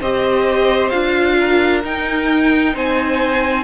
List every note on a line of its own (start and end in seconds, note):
0.00 0.92 C4
0.00 0.92 G4
0.00 1.36 C5
0.00 0.89 D#5
0.89 1.84 D4
0.89 1.83 F4
0.89 1.80 F5
1.40 2.74 A#4
1.83 3.64 D#4
1.83 2.75 D#4
1.83 2.76 G5
2.74 3.64 C4
2.74 3.64 C5
2.74 3.64 G#5